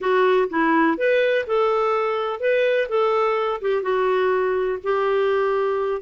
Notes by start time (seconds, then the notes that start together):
0.00 F#4
0.49 E4
0.97 B4
1.46 A4
2.40 B4
2.88 A4
3.61 G4
3.82 F#4
4.83 G4